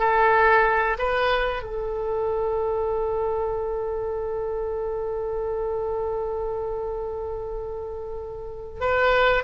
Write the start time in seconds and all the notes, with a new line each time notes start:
0.00 A4
0.99 B4
1.63 A4
8.81 B4